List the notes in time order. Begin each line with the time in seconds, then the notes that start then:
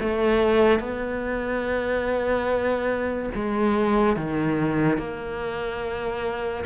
0.00 A3
0.80 B3
3.35 G#3
4.17 D#3
4.98 A#3